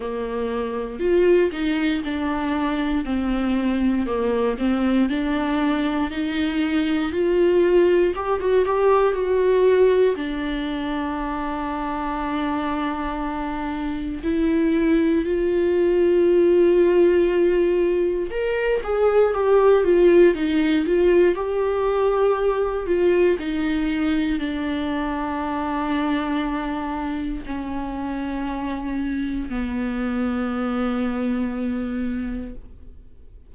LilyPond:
\new Staff \with { instrumentName = "viola" } { \time 4/4 \tempo 4 = 59 ais4 f'8 dis'8 d'4 c'4 | ais8 c'8 d'4 dis'4 f'4 | g'16 fis'16 g'8 fis'4 d'2~ | d'2 e'4 f'4~ |
f'2 ais'8 gis'8 g'8 f'8 | dis'8 f'8 g'4. f'8 dis'4 | d'2. cis'4~ | cis'4 b2. | }